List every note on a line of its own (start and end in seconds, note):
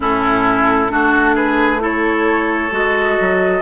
0.00 0.90 A2
0.00 0.89 C#4
0.00 0.91 E4
0.00 1.35 A4
0.89 2.71 A3
0.89 1.79 D4
0.89 1.35 F#4
1.35 1.80 G#4
1.35 1.81 B4
1.79 2.70 E4
1.79 3.61 A4
1.79 2.74 C#5
2.71 3.16 G#3
2.71 3.61 F#4
2.71 3.61 D#5
3.20 3.61 F#3